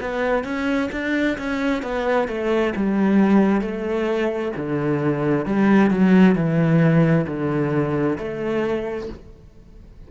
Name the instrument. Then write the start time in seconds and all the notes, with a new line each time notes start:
cello
0.00 B3
0.44 C#4
0.92 D4
1.38 C#4
1.82 B3
2.27 A3
2.76 G3
3.61 A3
4.56 D3
5.45 G3
5.90 F#3
6.35 E3
7.26 D3
8.18 A3